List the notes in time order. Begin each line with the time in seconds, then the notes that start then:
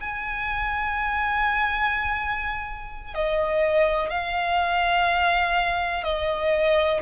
0.00 G#5
3.14 D#5
4.10 F5
6.04 D#5